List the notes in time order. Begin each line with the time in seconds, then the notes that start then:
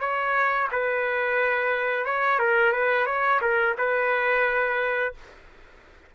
0.00 C#5
0.72 B4
2.05 C#5
2.39 A#4
2.72 B4
3.06 C#5
3.42 A#4
3.78 B4